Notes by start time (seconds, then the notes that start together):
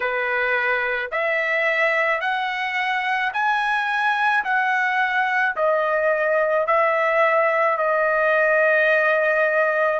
0.00 B4
1.11 E5
2.20 F#5
3.33 G#5
4.44 F#5
5.56 D#5
6.66 E5
7.77 D#5